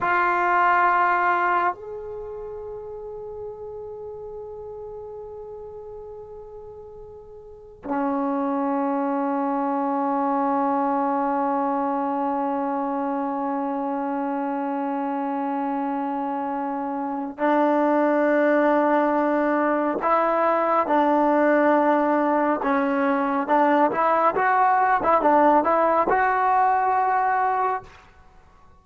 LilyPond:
\new Staff \with { instrumentName = "trombone" } { \time 4/4 \tempo 4 = 69 f'2 gis'2~ | gis'1~ | gis'4 cis'2.~ | cis'1~ |
cis'1 | d'2. e'4 | d'2 cis'4 d'8 e'8 | fis'8. e'16 d'8 e'8 fis'2 | }